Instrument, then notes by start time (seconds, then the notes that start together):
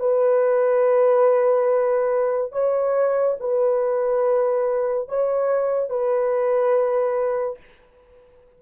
horn
0.00 B4
2.52 C#5
3.40 B4
5.09 C#5
5.90 B4